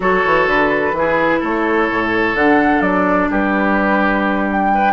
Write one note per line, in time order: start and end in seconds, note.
0.00 0.23 F#3
0.00 0.94 F#4
0.00 0.95 A4
0.00 0.48 C#5
0.25 0.46 E3
0.46 0.92 D3
0.46 1.43 B4
0.92 1.39 E3
0.92 2.37 E4
0.98 1.40 G#4
1.40 1.90 A3
1.40 3.29 A4
1.40 2.35 C#5
1.90 2.34 A2
2.34 2.80 D3
2.34 4.92 D4
2.34 2.81 F#5
2.80 3.27 F#3
2.80 3.29 D5
3.30 4.92 G3
3.30 4.72 G4
3.30 4.49 B4
4.51 4.92 G5
4.74 4.92 B4